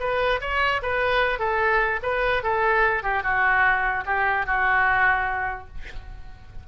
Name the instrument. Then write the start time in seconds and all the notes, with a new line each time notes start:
oboe
0.00 B4
0.41 C#5
0.83 B4
1.39 A4
2.03 B4
2.43 A4
3.03 G4
3.23 F#4
4.06 G4
4.46 F#4